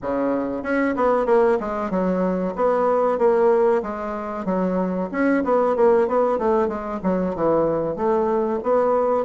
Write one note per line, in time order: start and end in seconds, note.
0.02 0.62 C#3
0.62 0.94 C#4
0.95 1.26 B3
1.26 1.58 A#3
1.60 1.90 G#3
1.90 2.54 F#3
2.55 3.18 B3
3.18 3.82 A#3
3.82 4.45 G#3
4.45 5.09 F#3
5.11 5.43 C#4
5.44 5.76 B3
5.76 6.07 A#3
6.07 6.38 B3
6.38 6.67 A3
6.67 6.99 G#3
7.03 7.35 F#3
7.35 7.96 E3
7.96 8.59 A3
8.63 9.25 B3